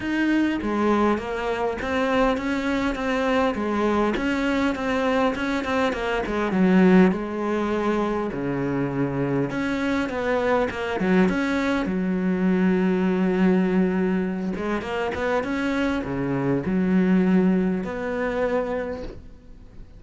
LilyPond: \new Staff \with { instrumentName = "cello" } { \time 4/4 \tempo 4 = 101 dis'4 gis4 ais4 c'4 | cis'4 c'4 gis4 cis'4 | c'4 cis'8 c'8 ais8 gis8 fis4 | gis2 cis2 |
cis'4 b4 ais8 fis8 cis'4 | fis1~ | fis8 gis8 ais8 b8 cis'4 cis4 | fis2 b2 | }